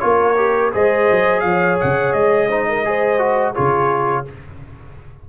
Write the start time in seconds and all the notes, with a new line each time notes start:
0.00 A#3 F4 A#4 C#5
0.37 G4
0.72 G#3 G#4 C5 D#5
1.11 F#3
1.40 F3 C#5 F5
1.80 C#3 F#5
2.13 G#3 D#5
2.48 D#4 C5
2.69 A#4
2.85 G#4 C5
3.19 F#4
3.53 C#3 F4 G#4 C#5